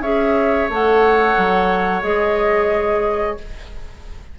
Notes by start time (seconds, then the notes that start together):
0.00 C#4 G#4 C#5 E5
0.69 A3 A4 F#5
1.37 F#3
2.02 G#3 G#4 D#5